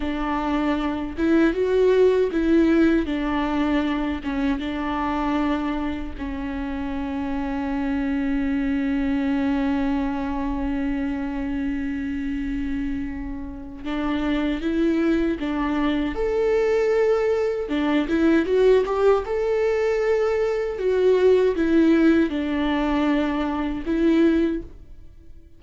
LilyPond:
\new Staff \with { instrumentName = "viola" } { \time 4/4 \tempo 4 = 78 d'4. e'8 fis'4 e'4 | d'4. cis'8 d'2 | cis'1~ | cis'1~ |
cis'2 d'4 e'4 | d'4 a'2 d'8 e'8 | fis'8 g'8 a'2 fis'4 | e'4 d'2 e'4 | }